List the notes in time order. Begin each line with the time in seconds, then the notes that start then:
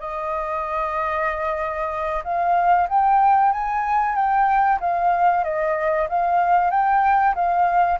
0.00 D#5
2.24 F5
2.89 G5
3.52 G#5
4.15 G5
4.80 F5
5.44 D#5
6.09 F5
6.71 G5
7.35 F5